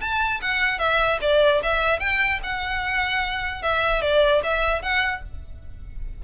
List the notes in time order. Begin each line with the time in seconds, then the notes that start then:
0.00 A5
0.41 F#5
0.79 E5
1.21 D5
1.63 E5
1.99 G5
2.43 F#5
3.62 E5
4.02 D5
4.43 E5
4.82 F#5